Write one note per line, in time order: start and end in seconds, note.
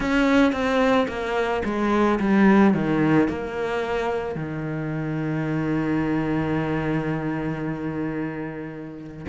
0.00 0.52 C#4
0.52 1.07 C4
1.08 1.62 A#3
1.64 2.19 G#3
2.19 2.73 G3
2.73 3.28 D#3
3.28 4.35 A#3
4.35 9.26 D#3